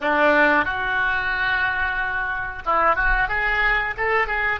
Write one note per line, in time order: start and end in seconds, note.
0.00 0.64 D4
0.64 2.62 F#4
2.65 2.95 E4
2.95 3.28 F#4
3.28 3.94 G#4
3.97 4.27 A4
4.27 4.59 G#4